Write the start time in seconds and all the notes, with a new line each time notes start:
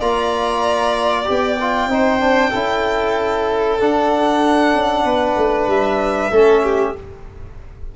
0.00 A#3 F4 D5 A#5
1.25 B3 G4
1.31 G5
1.61 F4
1.86 C4 D#4
1.93 C5
2.20 D4
2.50 C#4 E4 A4
3.79 D4 F#5
4.74 C#4
5.04 B3 B4
5.37 A3
5.67 G3 E5
6.31 A3 C#4 A4
6.63 G4